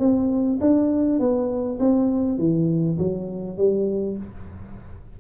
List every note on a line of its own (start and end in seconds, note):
0.00 0.59 C4
0.61 1.20 D4
1.20 1.79 B3
1.80 2.39 C4
2.39 2.98 E3
2.99 3.58 F#3
3.58 4.17 G3